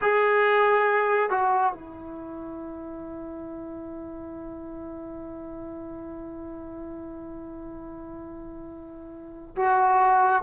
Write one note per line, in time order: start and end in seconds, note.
0.01 1.30 G#4
1.30 1.73 F#4
1.73 9.55 E4
9.56 10.42 F#4